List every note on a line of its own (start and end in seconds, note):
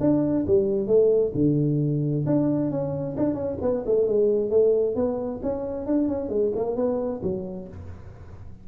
0.00 0.45 D4
0.47 0.87 G3
0.87 1.32 A3
1.35 2.25 D3
2.26 2.71 D4
2.71 3.16 C#4
3.17 3.34 D4
3.34 3.57 C#4
3.61 3.84 B3
3.86 4.07 A3
4.07 4.50 G#3
4.50 4.95 A3
4.95 5.40 B3
5.43 5.86 C#4
5.86 6.08 D4
6.08 6.29 C#4
6.29 6.52 G#3
6.55 6.76 A#3
6.76 7.21 B3
7.23 7.68 F#3